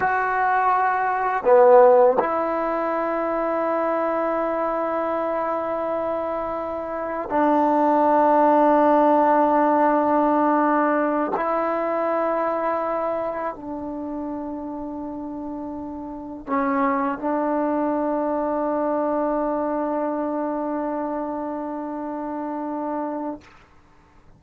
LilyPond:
\new Staff \with { instrumentName = "trombone" } { \time 4/4 \tempo 4 = 82 fis'2 b4 e'4~ | e'1~ | e'2 d'2~ | d'2.~ d'8 e'8~ |
e'2~ e'8 d'4.~ | d'2~ d'8 cis'4 d'8~ | d'1~ | d'1 | }